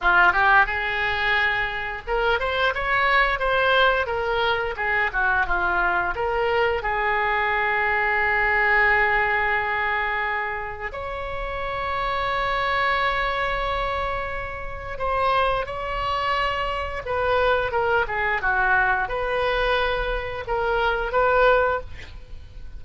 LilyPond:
\new Staff \with { instrumentName = "oboe" } { \time 4/4 \tempo 4 = 88 f'8 g'8 gis'2 ais'8 c''8 | cis''4 c''4 ais'4 gis'8 fis'8 | f'4 ais'4 gis'2~ | gis'1 |
cis''1~ | cis''2 c''4 cis''4~ | cis''4 b'4 ais'8 gis'8 fis'4 | b'2 ais'4 b'4 | }